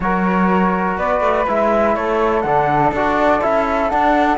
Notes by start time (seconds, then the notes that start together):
0.00 F#3 F#4 A#4 C#5
0.97 B3 B4 D5
1.20 A3
1.47 G#3 E4 E5
1.95 A3 A4 C#5
2.41 D3 D4 F#5
2.91 D4 F#4 D5
3.41 C#4 E4 E5
3.89 D4 F#5